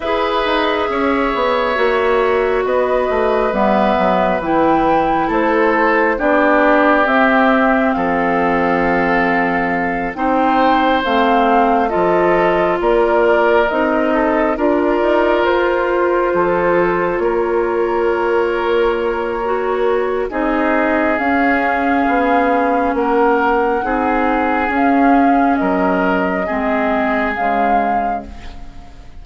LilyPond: <<
  \new Staff \with { instrumentName = "flute" } { \time 4/4 \tempo 4 = 68 e''2. dis''4 | e''4 g''4 c''4 d''4 | e''4 f''2~ f''8 g''8~ | g''8 f''4 dis''4 d''4 dis''8~ |
dis''8 d''4 c''2 cis''8~ | cis''2. dis''4 | f''2 fis''2 | f''4 dis''2 f''4 | }
  \new Staff \with { instrumentName = "oboe" } { \time 4/4 b'4 cis''2 b'4~ | b'2 a'4 g'4~ | g'4 a'2~ a'8 c''8~ | c''4. a'4 ais'4. |
a'8 ais'2 a'4 ais'8~ | ais'2. gis'4~ | gis'2 ais'4 gis'4~ | gis'4 ais'4 gis'2 | }
  \new Staff \with { instrumentName = "clarinet" } { \time 4/4 gis'2 fis'2 | b4 e'2 d'4 | c'2.~ c'8 dis'8~ | dis'8 c'4 f'2 dis'8~ |
dis'8 f'2.~ f'8~ | f'2 fis'4 dis'4 | cis'2. dis'4 | cis'2 c'4 gis4 | }
  \new Staff \with { instrumentName = "bassoon" } { \time 4/4 e'8 dis'8 cis'8 b8 ais4 b8 a8 | g8 fis8 e4 a4 b4 | c'4 f2~ f8 c'8~ | c'8 a4 f4 ais4 c'8~ |
c'8 d'8 dis'8 f'4 f4 ais8~ | ais2. c'4 | cis'4 b4 ais4 c'4 | cis'4 fis4 gis4 cis4 | }
>>